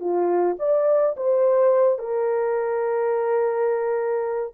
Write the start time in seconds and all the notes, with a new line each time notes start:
0.00 F4
0.59 D5
1.17 C5
1.99 A#4